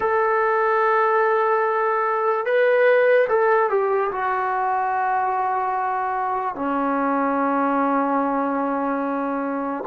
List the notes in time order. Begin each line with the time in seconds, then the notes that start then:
0.00 A4
2.45 B4
3.28 A4
3.69 G4
4.11 F#4
6.55 C#4